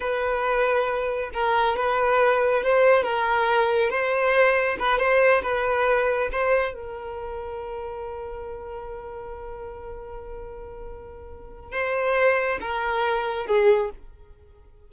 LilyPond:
\new Staff \with { instrumentName = "violin" } { \time 4/4 \tempo 4 = 138 b'2. ais'4 | b'2 c''4 ais'4~ | ais'4 c''2 b'8 c''8~ | c''8 b'2 c''4 ais'8~ |
ais'1~ | ais'1~ | ais'2. c''4~ | c''4 ais'2 gis'4 | }